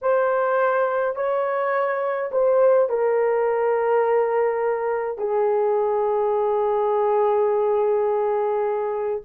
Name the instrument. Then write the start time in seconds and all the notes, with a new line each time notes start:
horn
0.01 C5
1.15 C#5
2.31 C5
2.89 A#4
5.18 G#4